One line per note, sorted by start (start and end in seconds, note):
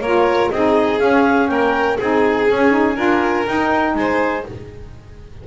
0.00 0.49 A#3
0.00 0.53 F4
0.00 0.51 A#4
0.00 0.50 C#5
0.50 1.00 C4
0.50 0.99 D#4
0.50 1.50 G#4
0.50 0.99 D#5
0.99 1.97 C#4
0.99 1.49 C#4
0.99 1.48 F5
1.48 1.98 A#3
1.48 1.97 A#4
1.48 1.97 G5
1.97 2.50 C4
1.97 2.48 D#4
1.97 2.95 G#4
1.97 3.47 G#5
2.48 2.70 C#4
2.48 2.97 C#4
2.70 2.95 D#4
2.95 3.46 D4
2.95 3.45 F4
2.95 3.94 A#4
3.47 4.45 D#4
3.47 3.94 D#4
3.47 3.95 G5
3.94 4.43 G#3
3.94 4.47 C5
3.94 4.44 G#5